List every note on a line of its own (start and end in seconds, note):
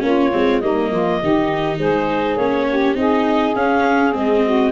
0.00 0.32 A#3
0.00 0.29 C#4
0.00 0.62 F4
0.00 0.60 C#5
0.33 0.62 G#3
0.33 0.62 C4
0.60 0.91 G3
0.60 1.21 A#3
0.60 0.90 D#4
0.60 1.78 D#5
0.90 1.20 F3
0.90 1.20 F4
1.20 1.79 D#3
1.20 2.39 D#4
1.20 1.78 G4
1.78 2.36 G#3
1.78 2.66 G#4
1.78 2.37 C5
2.36 2.95 A#3
2.36 2.95 C#4
2.36 2.96 C#5
2.68 2.97 G4
2.95 3.54 C4
2.95 3.54 D#4
2.95 4.44 G#4
2.95 3.55 D#5
3.55 4.14 C#4
3.55 4.12 C#4
3.55 4.14 F5
4.12 4.72 G#3
4.12 4.71 C4
4.12 4.72 D#5
4.45 4.72 F#4